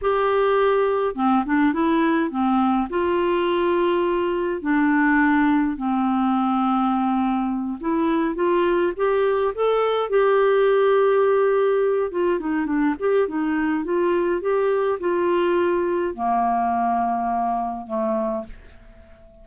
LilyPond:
\new Staff \with { instrumentName = "clarinet" } { \time 4/4 \tempo 4 = 104 g'2 c'8 d'8 e'4 | c'4 f'2. | d'2 c'2~ | c'4. e'4 f'4 g'8~ |
g'8 a'4 g'2~ g'8~ | g'4 f'8 dis'8 d'8 g'8 dis'4 | f'4 g'4 f'2 | ais2. a4 | }